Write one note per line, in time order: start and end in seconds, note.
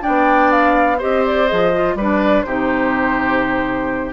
0.00 0.97 D4
0.00 0.98 D5
0.00 0.51 G5
0.07 1.03 B3
0.51 0.99 F5
0.98 1.51 C4
0.98 1.47 G4
0.98 1.94 C5
0.98 1.25 D#5
1.25 1.47 D5
1.47 1.95 F3
1.47 1.71 G#4
1.47 1.95 D#5
1.74 1.98 F4
1.95 2.43 G3
1.95 2.46 D4
1.95 2.45 B4
1.95 2.42 D5
2.42 4.13 C3
2.42 4.13 D#4
2.42 4.13 G4
2.42 4.11 C5